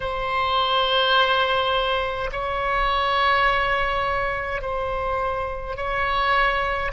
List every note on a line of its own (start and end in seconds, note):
0.00 2.30 C5
2.31 4.61 C#5
4.61 5.76 C5
5.76 6.91 C#5